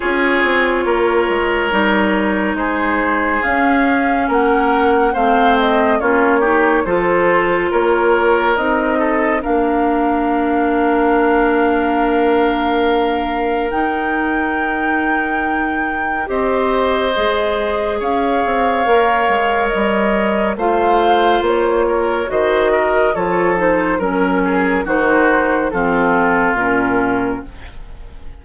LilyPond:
<<
  \new Staff \with { instrumentName = "flute" } { \time 4/4 \tempo 4 = 70 cis''2. c''4 | f''4 fis''4 f''8 dis''8 cis''4 | c''4 cis''4 dis''4 f''4~ | f''1 |
g''2. dis''4~ | dis''4 f''2 dis''4 | f''4 cis''4 dis''4 cis''8 c''8 | ais'4 c''4 a'4 ais'4 | }
  \new Staff \with { instrumentName = "oboe" } { \time 4/4 gis'4 ais'2 gis'4~ | gis'4 ais'4 c''4 f'8 g'8 | a'4 ais'4. a'8 ais'4~ | ais'1~ |
ais'2. c''4~ | c''4 cis''2. | c''4. ais'8 c''8 ais'8 a'4 | ais'8 gis'8 fis'4 f'2 | }
  \new Staff \with { instrumentName = "clarinet" } { \time 4/4 f'2 dis'2 | cis'2 c'4 cis'8 dis'8 | f'2 dis'4 d'4~ | d'1 |
dis'2. g'4 | gis'2 ais'2 | f'2 fis'4 f'8 dis'8 | cis'4 dis'4 c'4 cis'4 | }
  \new Staff \with { instrumentName = "bassoon" } { \time 4/4 cis'8 c'8 ais8 gis8 g4 gis4 | cis'4 ais4 a4 ais4 | f4 ais4 c'4 ais4~ | ais1 |
dis'2. c'4 | gis4 cis'8 c'8 ais8 gis8 g4 | a4 ais4 dis4 f4 | fis4 dis4 f4 ais,4 | }
>>